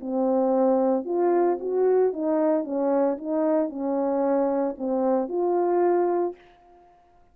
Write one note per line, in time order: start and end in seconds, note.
0.00 1.05 C4
1.05 1.58 F4
1.60 2.13 F#4
2.13 2.64 D#4
2.64 3.17 C#4
3.17 3.69 D#4
3.69 4.75 C#4
4.78 5.29 C4
5.29 6.35 F4